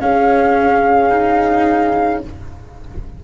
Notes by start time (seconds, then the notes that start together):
0.00 C#4 G#4 F5
1.09 D#4